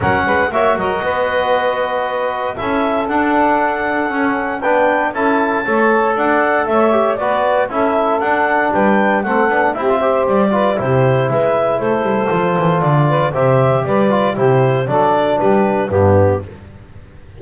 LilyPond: <<
  \new Staff \with { instrumentName = "clarinet" } { \time 4/4 \tempo 4 = 117 fis''4 e''8 dis''2~ dis''8~ | dis''4 e''4 fis''2~ | fis''4 g''4 a''2 | fis''4 e''4 d''4 e''4 |
fis''4 g''4 fis''4 e''4 | d''4 c''4 e''4 c''4~ | c''4 d''4 e''4 d''4 | c''4 d''4 b'4 g'4 | }
  \new Staff \with { instrumentName = "saxophone" } { \time 4/4 ais'8 b'8 cis''8 ais'8 b'2~ | b'4 a'2.~ | a'4 b'4 a'4 cis''4 | d''4 cis''4 b'4 a'4~ |
a'4 b'4 a'4 g'8 c''8~ | c''8 b'8 g'4 b'4 a'4~ | a'4. b'8 c''4 b'4 | g'4 a'4 g'4 d'4 | }
  \new Staff \with { instrumentName = "trombone" } { \time 4/4 cis'4 fis'2.~ | fis'4 e'4 d'2 | cis'4 d'4 e'4 a'4~ | a'4. g'8 fis'4 e'4 |
d'2 c'8 d'8 e'16 f'16 g'8~ | g'8 f'8 e'2. | f'2 g'4. f'8 | e'4 d'2 b4 | }
  \new Staff \with { instrumentName = "double bass" } { \time 4/4 fis8 gis8 ais8 fis8 b2~ | b4 cis'4 d'2 | cis'4 b4 cis'4 a4 | d'4 a4 b4 cis'4 |
d'4 g4 a8 b8 c'4 | g4 c4 gis4 a8 g8 | f8 e8 d4 c4 g4 | c4 fis4 g4 g,4 | }
>>